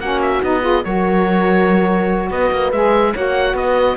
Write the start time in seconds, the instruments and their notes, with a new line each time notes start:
0.00 cello A#3, saxophone C#4, horn F#4, oboe F#5
0.22 oboe E5
0.43 cello B3, saxophone D#4, oboe D#5
0.62 saxophone F4, horn G#4
0.85 cello F#3, saxophone F#4, horn A#4, oboe C#5
2.31 cello B3, horn B4, oboe D#5
2.52 cello A#3
2.72 cello G#3, saxophone G#4, oboe E5
3.14 cello A#3, saxophone F#4, horn C#5, oboe F#5
3.54 cello B3, horn B4, oboe D#5